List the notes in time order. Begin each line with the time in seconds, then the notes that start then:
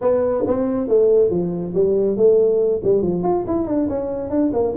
0.01 B3
0.46 C4
0.88 A3
1.29 F3
1.74 G3
2.16 A3
2.83 G3
3.01 F3
3.23 F4
3.46 E4
3.66 D4
3.88 C#4
4.29 D4
4.53 A#3